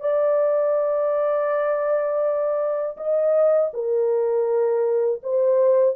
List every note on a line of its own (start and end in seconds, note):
0.00 2.96 D5
2.97 3.71 D#5
3.73 5.22 A#4
5.23 5.96 C5